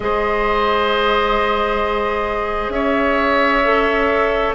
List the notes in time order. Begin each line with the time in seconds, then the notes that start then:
0.00 G#3 G#4 C5 D#5
2.69 C#4 C#5 E5
3.64 A4